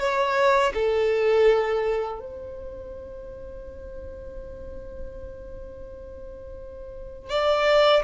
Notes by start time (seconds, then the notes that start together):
0.00 C#5
0.74 A4
2.20 C5
7.30 D5